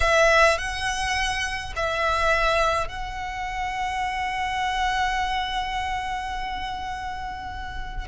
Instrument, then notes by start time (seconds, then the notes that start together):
violin
0.00 E5
0.58 F#5
1.76 E5
2.87 F#5